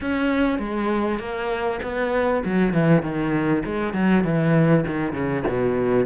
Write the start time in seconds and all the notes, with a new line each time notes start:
0.00 C#4
0.58 G#3
1.19 A#3
1.82 B3
2.44 F#3
2.73 E3
3.02 D#3
3.65 G#3
3.93 F#3
4.24 E3
4.86 D#3
5.12 C#3
5.47 B2